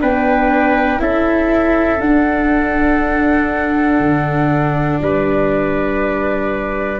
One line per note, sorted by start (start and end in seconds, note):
0.00 0.99 B3
0.00 0.99 D4
0.00 1.01 B4
0.00 1.01 G5
0.99 1.99 C#4
0.99 1.99 E4
0.99 5.02 A4
0.99 2.00 E5
2.00 3.99 D4
2.00 7.00 D4
2.00 5.00 F#5
3.99 4.99 D3
5.01 7.00 G3
5.01 7.00 B4
5.01 7.00 D5